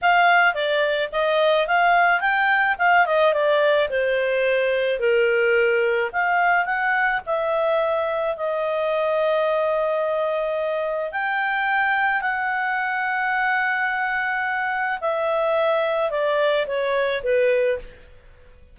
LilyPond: \new Staff \with { instrumentName = "clarinet" } { \time 4/4 \tempo 4 = 108 f''4 d''4 dis''4 f''4 | g''4 f''8 dis''8 d''4 c''4~ | c''4 ais'2 f''4 | fis''4 e''2 dis''4~ |
dis''1 | g''2 fis''2~ | fis''2. e''4~ | e''4 d''4 cis''4 b'4 | }